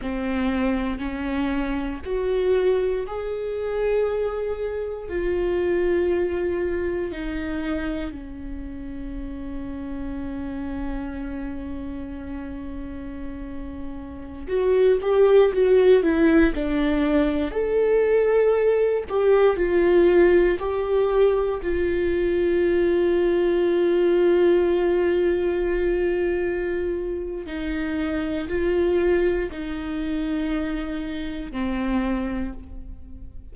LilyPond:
\new Staff \with { instrumentName = "viola" } { \time 4/4 \tempo 4 = 59 c'4 cis'4 fis'4 gis'4~ | gis'4 f'2 dis'4 | cis'1~ | cis'2~ cis'16 fis'8 g'8 fis'8 e'16~ |
e'16 d'4 a'4. g'8 f'8.~ | f'16 g'4 f'2~ f'8.~ | f'2. dis'4 | f'4 dis'2 c'4 | }